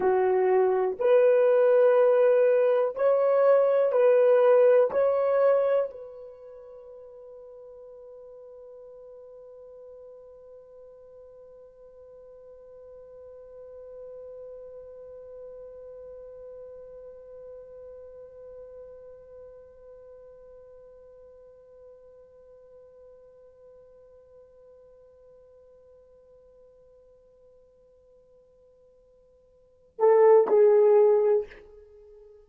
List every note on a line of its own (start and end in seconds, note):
0.00 0.97 F#4
0.99 2.95 B4
2.95 3.92 C#5
3.92 4.90 B4
4.90 5.89 C#5
5.91 29.99 B4
29.99 30.47 A4
30.47 31.46 G#4